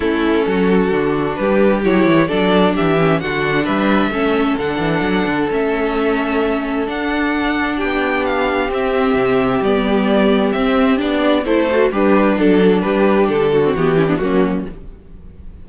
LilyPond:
<<
  \new Staff \with { instrumentName = "violin" } { \time 4/4 \tempo 4 = 131 a'2. b'4 | cis''4 d''4 e''4 fis''4 | e''2 fis''2 | e''2. fis''4~ |
fis''4 g''4 f''4 e''4~ | e''4 d''2 e''4 | d''4 c''4 b'4 a'4 | b'4 a'4 g'4 fis'4 | }
  \new Staff \with { instrumentName = "violin" } { \time 4/4 e'4 fis'2 g'4~ | g'4 a'4 g'4 fis'4 | b'4 a'2.~ | a'1~ |
a'4 g'2.~ | g'1~ | g'4 a'4 d'2 | g'4. fis'4 e'16 d'16 cis'4 | }
  \new Staff \with { instrumentName = "viola" } { \time 4/4 cis'2 d'2 | e'4 d'4. cis'8 d'4~ | d'4 cis'4 d'2 | cis'2. d'4~ |
d'2. c'4~ | c'4 b2 c'4 | d'4 e'8 fis'8 g'4 d'4~ | d'4.~ d'16 c'16 b8 cis'16 b16 ais4 | }
  \new Staff \with { instrumentName = "cello" } { \time 4/4 a4 fis4 d4 g4 | fis8 e8 fis4 e4 d4 | g4 a4 d8 e8 fis8 d8 | a2. d'4~ |
d'4 b2 c'4 | c4 g2 c'4 | b4 a4 g4 fis4 | g4 d4 e4 fis4 | }
>>